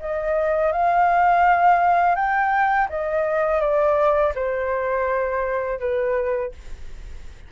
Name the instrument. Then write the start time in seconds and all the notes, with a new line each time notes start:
flute
0.00 D#5
0.73 F5
2.16 G5
2.89 D#5
3.61 D5
4.35 C5
5.80 B4